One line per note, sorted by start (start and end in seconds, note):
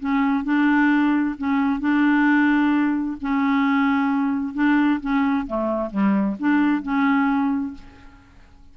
0.00 0.45 C#4
0.45 1.36 D4
1.38 1.80 C#4
1.80 3.18 D4
3.22 4.55 C#4
4.55 5.00 D4
5.01 5.47 C#4
5.47 5.91 A3
5.91 6.37 G3
6.40 6.83 D4
6.83 7.74 C#4